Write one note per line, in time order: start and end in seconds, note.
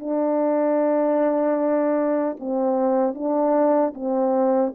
0.00 2.37 D4
2.40 3.15 C4
3.15 3.94 D4
3.95 4.74 C4